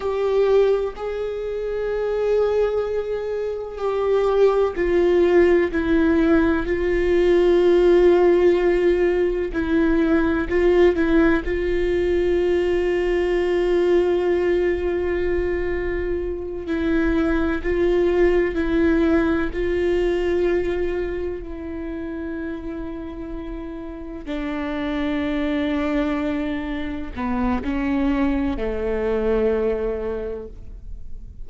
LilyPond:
\new Staff \with { instrumentName = "viola" } { \time 4/4 \tempo 4 = 63 g'4 gis'2. | g'4 f'4 e'4 f'4~ | f'2 e'4 f'8 e'8 | f'1~ |
f'4. e'4 f'4 e'8~ | e'8 f'2 e'4.~ | e'4. d'2~ d'8~ | d'8 b8 cis'4 a2 | }